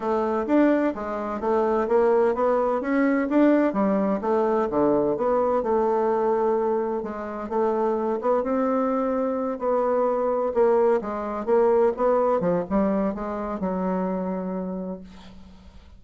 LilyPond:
\new Staff \with { instrumentName = "bassoon" } { \time 4/4 \tempo 4 = 128 a4 d'4 gis4 a4 | ais4 b4 cis'4 d'4 | g4 a4 d4 b4 | a2. gis4 |
a4. b8 c'2~ | c'8 b2 ais4 gis8~ | gis8 ais4 b4 f8 g4 | gis4 fis2. | }